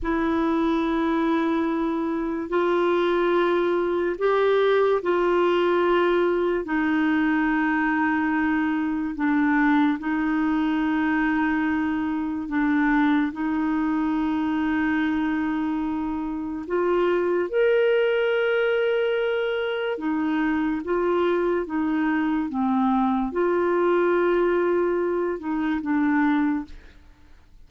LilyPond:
\new Staff \with { instrumentName = "clarinet" } { \time 4/4 \tempo 4 = 72 e'2. f'4~ | f'4 g'4 f'2 | dis'2. d'4 | dis'2. d'4 |
dis'1 | f'4 ais'2. | dis'4 f'4 dis'4 c'4 | f'2~ f'8 dis'8 d'4 | }